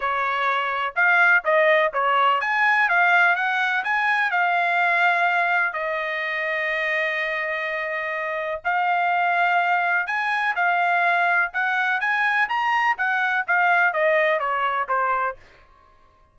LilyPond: \new Staff \with { instrumentName = "trumpet" } { \time 4/4 \tempo 4 = 125 cis''2 f''4 dis''4 | cis''4 gis''4 f''4 fis''4 | gis''4 f''2. | dis''1~ |
dis''2 f''2~ | f''4 gis''4 f''2 | fis''4 gis''4 ais''4 fis''4 | f''4 dis''4 cis''4 c''4 | }